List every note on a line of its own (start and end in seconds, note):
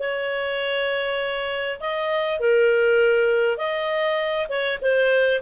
0.00 1.80 C#5
1.80 2.40 D#5
2.40 3.58 A#4
3.58 4.48 D#5
4.49 4.79 C#5
4.82 5.42 C5